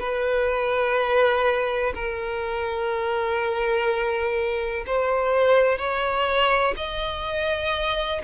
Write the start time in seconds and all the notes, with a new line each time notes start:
0.00 B4
1.95 A#4
4.87 C5
5.78 C#5
6.77 D#5